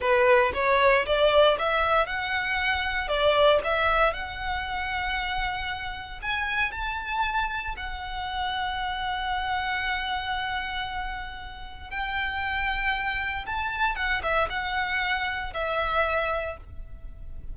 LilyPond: \new Staff \with { instrumentName = "violin" } { \time 4/4 \tempo 4 = 116 b'4 cis''4 d''4 e''4 | fis''2 d''4 e''4 | fis''1 | gis''4 a''2 fis''4~ |
fis''1~ | fis''2. g''4~ | g''2 a''4 fis''8 e''8 | fis''2 e''2 | }